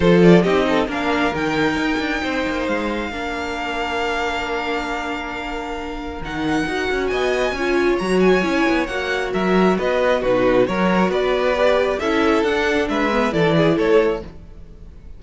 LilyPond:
<<
  \new Staff \with { instrumentName = "violin" } { \time 4/4 \tempo 4 = 135 c''8 d''8 dis''4 f''4 g''4~ | g''2 f''2~ | f''1~ | f''2 fis''2 |
gis''2 ais''8 gis''4. | fis''4 e''4 dis''4 b'4 | cis''4 d''2 e''4 | fis''4 e''4 d''4 cis''4 | }
  \new Staff \with { instrumentName = "violin" } { \time 4/4 a'4 g'8 a'8 ais'2~ | ais'4 c''2 ais'4~ | ais'1~ | ais'1 |
dis''4 cis''2.~ | cis''4 ais'4 b'4 fis'4 | ais'4 b'2 a'4~ | a'4 b'4 a'8 gis'8 a'4 | }
  \new Staff \with { instrumentName = "viola" } { \time 4/4 f'4 dis'4 d'4 dis'4~ | dis'2. d'4~ | d'1~ | d'2 dis'4 fis'4~ |
fis'4 f'4 fis'4 e'4 | fis'2. dis'4 | fis'2 g'4 e'4 | d'4. b8 e'2 | }
  \new Staff \with { instrumentName = "cello" } { \time 4/4 f4 c'4 ais4 dis4 | dis'8 d'8 c'8 ais8 gis4 ais4~ | ais1~ | ais2 dis4 dis'8 cis'8 |
b4 cis'4 fis4 cis'8 b8 | ais4 fis4 b4 b,4 | fis4 b2 cis'4 | d'4 gis4 e4 a4 | }
>>